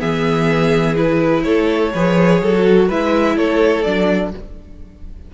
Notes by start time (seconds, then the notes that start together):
0.00 E3 B3 G#4 E5
0.97 E4 B4
1.43 A3 A4 C#5
1.94 F3 G#4 B4
2.42 F#3 A4
2.55 F#4
2.88 G#3 E4 B4 E5
3.36 A3 A4 C#5
3.83 F#3 D4 D5